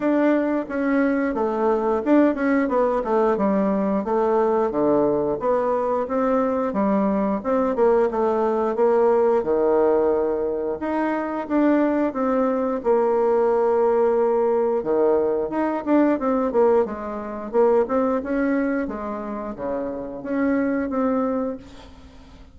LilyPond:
\new Staff \with { instrumentName = "bassoon" } { \time 4/4 \tempo 4 = 89 d'4 cis'4 a4 d'8 cis'8 | b8 a8 g4 a4 d4 | b4 c'4 g4 c'8 ais8 | a4 ais4 dis2 |
dis'4 d'4 c'4 ais4~ | ais2 dis4 dis'8 d'8 | c'8 ais8 gis4 ais8 c'8 cis'4 | gis4 cis4 cis'4 c'4 | }